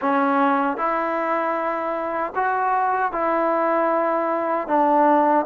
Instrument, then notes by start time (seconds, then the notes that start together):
trombone
0.01 C#4
0.77 E4
2.35 F#4
3.12 E4
4.67 D4